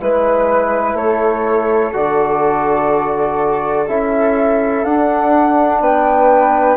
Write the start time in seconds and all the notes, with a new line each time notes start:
0.00 G#3 E4 B4
0.94 A3 A4 C#5
1.93 D3 F#4 D5
3.88 C#4 E4 E5
4.84 D4 F#5
5.80 B3 B4 G5